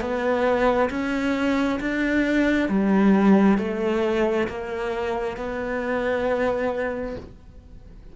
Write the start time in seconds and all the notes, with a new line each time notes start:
0.00 B3
0.90 C#4
1.80 D4
2.69 G3
3.58 A3
4.48 A#3
5.37 B3